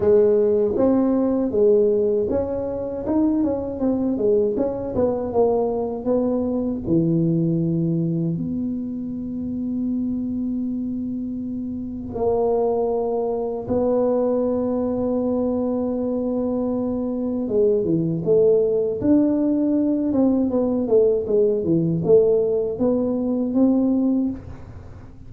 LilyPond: \new Staff \with { instrumentName = "tuba" } { \time 4/4 \tempo 4 = 79 gis4 c'4 gis4 cis'4 | dis'8 cis'8 c'8 gis8 cis'8 b8 ais4 | b4 e2 b4~ | b1 |
ais2 b2~ | b2. gis8 e8 | a4 d'4. c'8 b8 a8 | gis8 e8 a4 b4 c'4 | }